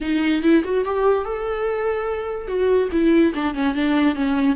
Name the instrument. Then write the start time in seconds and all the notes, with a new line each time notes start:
viola
0.00 D#4
0.42 E4
0.64 F#4
0.84 G4
1.24 A4
2.47 F#4
2.92 E4
3.34 D4
3.54 C#4
3.74 D4
4.15 C#4